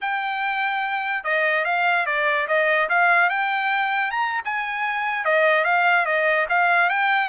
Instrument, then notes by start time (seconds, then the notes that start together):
trumpet
0.01 G5
1.24 D#5
1.65 F5
2.06 D5
2.47 D#5
2.89 F5
3.29 G5
4.10 A#5
4.44 G#5
5.24 D#5
5.64 F5
6.05 D#5
6.49 F5
6.89 G5